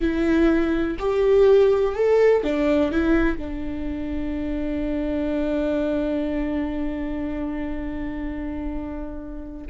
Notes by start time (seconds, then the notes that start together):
0.00 E4
0.99 G4
1.95 A4
2.43 D4
2.91 E4
3.37 D4